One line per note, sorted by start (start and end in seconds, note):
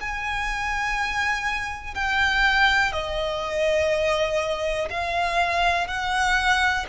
0.00 1.94 G#5
1.94 2.92 G5
2.92 4.88 D#5
4.90 5.87 F5
5.87 6.85 F#5